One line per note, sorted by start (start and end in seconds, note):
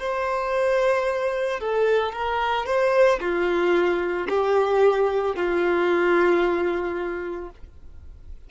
0.00 1.60 C5
1.60 2.13 A4
2.13 2.67 A#4
2.67 3.20 C5
3.20 4.28 F4
4.30 5.36 G4
5.36 7.50 F4